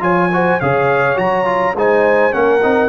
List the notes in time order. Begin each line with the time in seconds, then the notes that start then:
0.00 F3 F4 C#5 G#5
0.32 F#4 C5
0.60 C#3 G#4 C#5 F5
1.16 F#3 F#4 A#5
1.45 F4
1.75 G#3 D#4 C5 G#5
2.32 A#3 C#4 A#4 F#5
2.62 C4 D#4